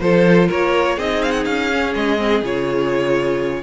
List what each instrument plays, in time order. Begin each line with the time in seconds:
0.00 cello F3, viola F4, violin A4 C5
0.48 cello A#3, violin A#4 C#5
0.96 cello C4, viola D#4, violin G#4 D#5
1.22 violin F5
1.31 violin F#5
1.45 cello C#4, violin F5
1.72 viola C#4
1.95 cello G#3, violin D#5
2.18 viola C4
2.41 cello C#3, viola F4, violin C#5